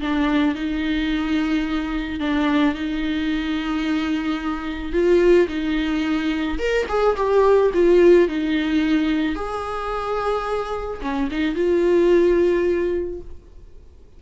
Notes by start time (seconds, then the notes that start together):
0.00 D4
0.55 D#4
2.20 D4
2.74 D#4
4.92 F4
5.48 D#4
6.59 A#4
6.89 G#4
7.17 G4
7.74 F4
8.28 D#4
9.36 G#4
11.01 C#4
11.31 D#4
11.55 F4